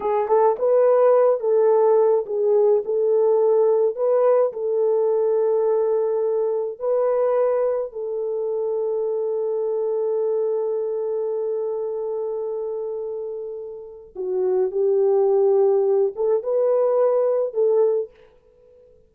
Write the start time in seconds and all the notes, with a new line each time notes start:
0.00 G#4
0.28 A4
0.58 B4
1.40 A4
2.26 G#4
2.85 A4
3.95 B4
4.52 A4
6.79 B4
7.92 A4
14.15 F#4
14.71 G4
16.15 A4
16.43 B4
17.53 A4